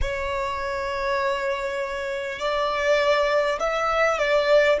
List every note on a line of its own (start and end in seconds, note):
0.01 2.39 C#5
2.39 3.59 D5
3.59 4.18 E5
4.18 4.78 D5